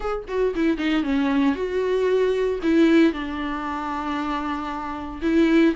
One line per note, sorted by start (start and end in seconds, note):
0.00 0.25 G#4
0.28 0.54 F#4
0.55 0.77 E4
0.77 1.03 D#4
1.03 1.55 C#4
1.55 2.59 F#4
2.62 3.12 E4
3.12 5.21 D4
5.22 5.74 E4